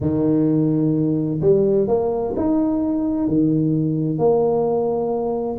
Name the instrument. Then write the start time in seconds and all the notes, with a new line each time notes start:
tuba
0.00 D#3
1.41 G3
1.87 A#3
2.36 D#4
3.27 D#3
4.18 A#3